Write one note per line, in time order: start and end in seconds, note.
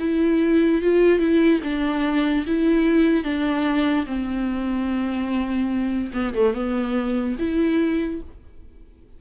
0.00 0.82 E4
0.82 1.20 F4
1.20 1.61 E4
1.64 2.46 D4
2.47 3.24 E4
3.24 4.06 D4
4.06 6.12 C4
6.14 6.34 B3
6.35 6.55 A3
6.55 7.37 B3
7.39 8.22 E4